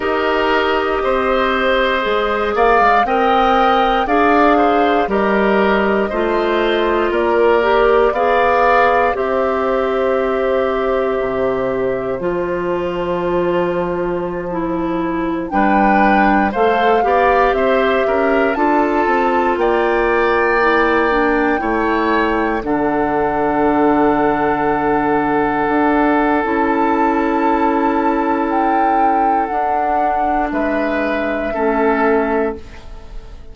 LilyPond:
<<
  \new Staff \with { instrumentName = "flute" } { \time 4/4 \tempo 4 = 59 dis''2~ dis''8 f''8 g''4 | f''4 dis''2 d''4 | f''4 e''2. | a''2.~ a''16 g''8.~ |
g''16 f''4 e''4 a''4 g''8.~ | g''2~ g''16 fis''4.~ fis''16~ | fis''2 a''2 | g''4 fis''4 e''2 | }
  \new Staff \with { instrumentName = "oboe" } { \time 4/4 ais'4 c''4. d''8 dis''4 | d''8 c''8 ais'4 c''4 ais'4 | d''4 c''2.~ | c''2.~ c''16 b'8.~ |
b'16 c''8 d''8 c''8 ais'8 a'4 d''8.~ | d''4~ d''16 cis''4 a'4.~ a'16~ | a'1~ | a'2 b'4 a'4 | }
  \new Staff \with { instrumentName = "clarinet" } { \time 4/4 g'2 gis'4 ais'4 | gis'4 g'4 f'4. g'8 | gis'4 g'2. | f'2~ f'16 e'4 d'8.~ |
d'16 a'8 g'4. f'4.~ f'16~ | f'16 e'8 d'8 e'4 d'4.~ d'16~ | d'2 e'2~ | e'4 d'2 cis'4 | }
  \new Staff \with { instrumentName = "bassoon" } { \time 4/4 dis'4 c'4 gis8 ais16 gis16 c'4 | d'4 g4 a4 ais4 | b4 c'2 c4 | f2.~ f16 g8.~ |
g16 a8 b8 c'8 cis'8 d'8 c'8 ais8.~ | ais4~ ais16 a4 d4.~ d16~ | d4~ d16 d'8. cis'2~ | cis'4 d'4 gis4 a4 | }
>>